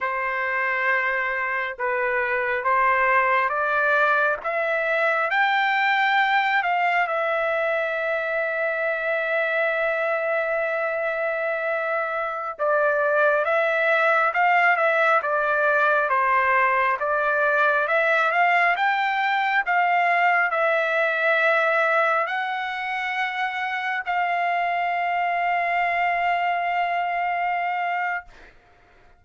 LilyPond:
\new Staff \with { instrumentName = "trumpet" } { \time 4/4 \tempo 4 = 68 c''2 b'4 c''4 | d''4 e''4 g''4. f''8 | e''1~ | e''2~ e''16 d''4 e''8.~ |
e''16 f''8 e''8 d''4 c''4 d''8.~ | d''16 e''8 f''8 g''4 f''4 e''8.~ | e''4~ e''16 fis''2 f''8.~ | f''1 | }